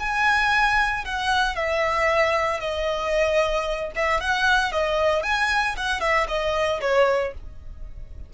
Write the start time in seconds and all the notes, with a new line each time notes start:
0.00 G#5
1.05 F#5
1.56 E5
2.61 D#5
3.96 E5
4.21 F#5
4.72 D#5
5.23 G#5
5.77 F#5
6.01 E5
6.28 D#5
6.81 C#5